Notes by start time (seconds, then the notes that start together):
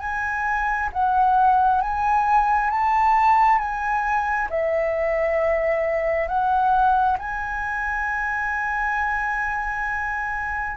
0.00 G#5
0.93 F#5
1.82 G#5
2.70 A5
3.59 G#5
4.50 E5
6.28 F#5
7.19 G#5